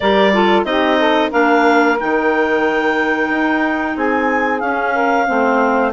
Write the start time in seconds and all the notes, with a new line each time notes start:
0.00 G3 G4 A#4 D5
0.33 F4 A4
0.64 C4 D#4 G4 D#5
0.98 A4
1.29 A#3 D4 A#4 F5
1.99 D#3 D#4 G5
3.29 D#4
3.96 C4 G#4 G#5
4.59 C#4 F5
4.93 A#4
5.26 A3 C4 C5